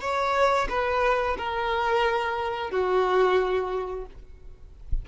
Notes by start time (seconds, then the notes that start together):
0.00 C#5
0.69 B4
1.38 A#4
2.70 F#4